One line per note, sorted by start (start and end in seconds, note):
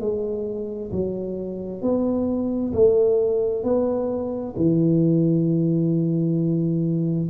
0.00 0.91 G#3
0.92 1.82 F#3
1.82 2.73 B3
2.73 3.64 A3
3.64 4.55 B3
4.57 7.29 E3